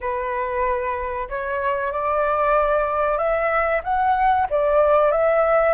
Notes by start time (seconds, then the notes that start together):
0.01 B4
1.29 C#5
1.91 D5
3.17 E5
3.83 F#5
4.50 D5
5.11 E5